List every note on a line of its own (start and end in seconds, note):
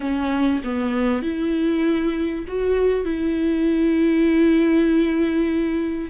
0.00 0.61 C#4
0.64 1.22 B3
1.22 2.45 E4
2.47 3.04 F#4
3.04 6.10 E4